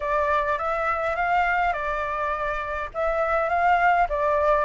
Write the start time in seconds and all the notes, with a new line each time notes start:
0.00 D5
0.58 E5
1.15 F5
1.73 D5
2.94 E5
3.49 F5
4.09 D5